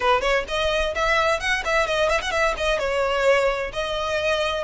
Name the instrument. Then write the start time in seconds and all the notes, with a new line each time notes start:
violin
0.00 B4
0.21 C#5
0.48 D#5
0.94 E5
1.40 F#5
1.64 E5
1.86 D#5
2.09 E5
2.21 F#5
2.31 E5
2.57 D#5
2.78 C#5
3.72 D#5